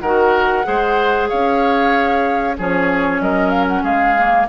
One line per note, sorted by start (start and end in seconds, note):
0.00 0.64 D#3
0.00 0.63 F#4
0.00 0.65 A#4
0.00 1.28 F#5
0.63 1.31 G#3
0.63 2.55 G#4
0.63 1.29 C5
1.28 2.59 C#4
1.28 2.57 C#5
1.28 2.56 F5
2.57 3.20 F3
2.57 4.17 C#4
2.57 3.21 G#4
2.57 3.22 C#5
3.20 3.83 F#3
3.20 3.83 A#4
3.20 3.49 D#5
3.49 3.65 F5
3.67 3.83 F#5
3.83 4.47 G#3
3.83 4.47 G#4
3.83 4.47 F5
4.17 4.49 A#3